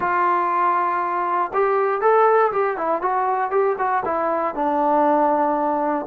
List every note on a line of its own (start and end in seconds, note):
0.00 1.51 F4
1.53 2.01 G4
2.01 2.51 A4
2.52 2.77 G4
2.77 3.01 E4
3.01 3.50 F#4
3.50 3.76 G4
3.78 4.03 F#4
4.05 4.54 E4
4.54 6.06 D4